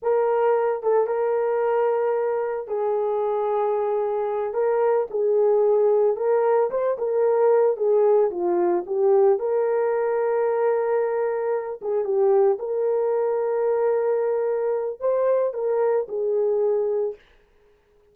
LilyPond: \new Staff \with { instrumentName = "horn" } { \time 4/4 \tempo 4 = 112 ais'4. a'8 ais'2~ | ais'4 gis'2.~ | gis'8 ais'4 gis'2 ais'8~ | ais'8 c''8 ais'4. gis'4 f'8~ |
f'8 g'4 ais'2~ ais'8~ | ais'2 gis'8 g'4 ais'8~ | ais'1 | c''4 ais'4 gis'2 | }